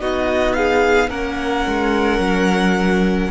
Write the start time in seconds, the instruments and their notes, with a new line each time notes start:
0.00 cello B3, viola D#4, violin F#4 D#5
0.54 violin G#4 F5
1.09 cello A#3, viola C#4, violin A#4 F#5
1.68 cello G#3
2.19 cello F#3